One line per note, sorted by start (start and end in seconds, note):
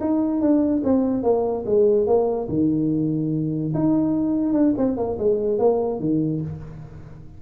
0.00 0.41 D#4
0.41 0.82 D4
0.84 1.23 C4
1.23 1.64 A#3
1.66 2.06 G#3
2.06 2.48 A#3
2.48 3.73 D#3
3.74 4.53 D#4
4.53 4.73 D4
4.77 4.97 C4
4.97 5.17 A#3
5.18 5.58 G#3
5.58 5.99 A#3
5.99 6.41 D#3